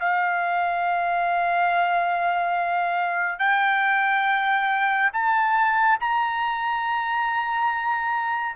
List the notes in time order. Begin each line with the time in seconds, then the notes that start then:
0.00 F5
3.39 G5
5.13 A5
6.00 A#5